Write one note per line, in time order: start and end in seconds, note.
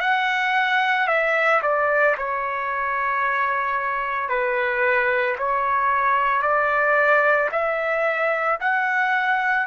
0.00 1.07 F#5
1.07 1.61 E5
1.62 2.16 D5
2.17 4.29 C#5
4.29 5.36 B4
5.38 6.42 C#5
6.42 7.49 D5
7.51 8.59 E5
8.60 9.66 F#5